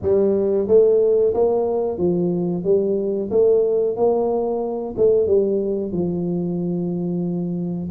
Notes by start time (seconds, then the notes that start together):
0.02 G3
0.67 A3
1.34 A#3
1.98 F3
2.64 G3
3.30 A3
3.96 A#3
4.97 A3
5.26 G3
5.92 F3